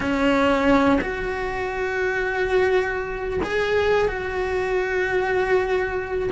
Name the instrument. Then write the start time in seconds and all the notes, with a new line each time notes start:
cello
0.00 C#4
1.01 F#4
3.43 G#4
4.08 F#4